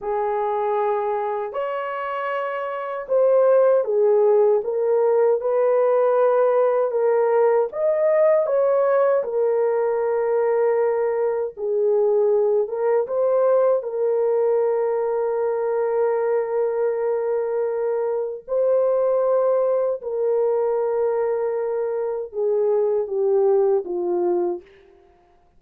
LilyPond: \new Staff \with { instrumentName = "horn" } { \time 4/4 \tempo 4 = 78 gis'2 cis''2 | c''4 gis'4 ais'4 b'4~ | b'4 ais'4 dis''4 cis''4 | ais'2. gis'4~ |
gis'8 ais'8 c''4 ais'2~ | ais'1 | c''2 ais'2~ | ais'4 gis'4 g'4 f'4 | }